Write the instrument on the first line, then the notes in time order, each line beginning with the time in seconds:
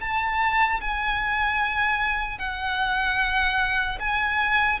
violin
0.00 A5
0.80 G#5
2.38 F#5
3.99 G#5